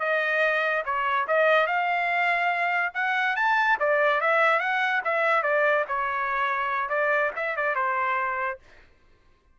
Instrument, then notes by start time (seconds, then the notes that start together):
trumpet
0.00 D#5
0.85 C#5
1.28 D#5
1.67 F5
2.94 F#5
3.36 A5
3.80 D5
4.21 E5
4.60 F#5
5.05 E5
5.43 D5
5.89 C#5
6.89 D5
7.36 E5
7.57 D5
7.76 C5